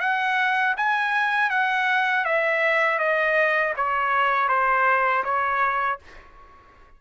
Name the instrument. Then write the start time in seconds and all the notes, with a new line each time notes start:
trumpet
0.00 F#5
0.77 G#5
1.50 F#5
2.25 E5
2.99 D#5
3.76 C#5
4.49 C5
5.24 C#5